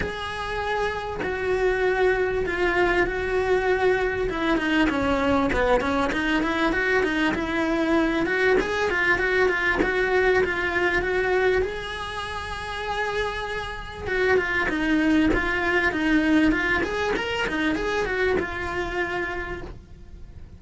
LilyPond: \new Staff \with { instrumentName = "cello" } { \time 4/4 \tempo 4 = 98 gis'2 fis'2 | f'4 fis'2 e'8 dis'8 | cis'4 b8 cis'8 dis'8 e'8 fis'8 dis'8 | e'4. fis'8 gis'8 f'8 fis'8 f'8 |
fis'4 f'4 fis'4 gis'4~ | gis'2. fis'8 f'8 | dis'4 f'4 dis'4 f'8 gis'8 | ais'8 dis'8 gis'8 fis'8 f'2 | }